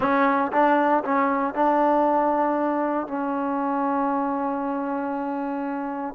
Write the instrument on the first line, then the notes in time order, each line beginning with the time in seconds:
trombone
0.00 C#4
0.52 D4
1.04 C#4
1.54 D4
3.07 C#4